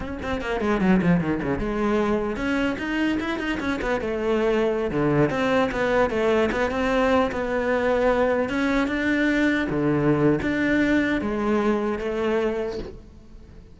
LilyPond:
\new Staff \with { instrumentName = "cello" } { \time 4/4 \tempo 4 = 150 cis'8 c'8 ais8 gis8 fis8 f8 dis8 cis8 | gis2 cis'4 dis'4 | e'8 dis'8 cis'8 b8 a2~ | a16 d4 c'4 b4 a8.~ |
a16 b8 c'4. b4.~ b16~ | b4~ b16 cis'4 d'4.~ d'16~ | d'16 d4.~ d16 d'2 | gis2 a2 | }